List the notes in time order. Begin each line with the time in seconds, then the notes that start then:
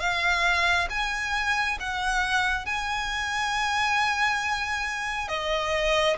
0.00 F5
0.90 G#5
1.80 F#5
2.66 G#5
5.28 D#5